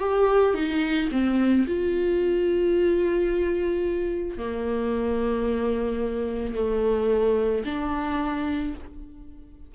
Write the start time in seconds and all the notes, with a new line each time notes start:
0.00 G4
0.55 D#4
1.12 C4
1.67 F4
4.38 A#3
6.55 A3
7.66 D4